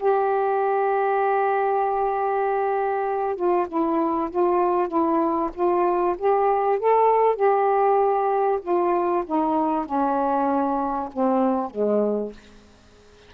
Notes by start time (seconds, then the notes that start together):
0.00 G4
3.37 F4
3.69 E4
4.31 F4
4.89 E4
5.55 F4
6.19 G4
6.80 A4
7.36 G4
8.63 F4
9.26 D#4
9.86 C#4
11.13 C4
11.71 G#3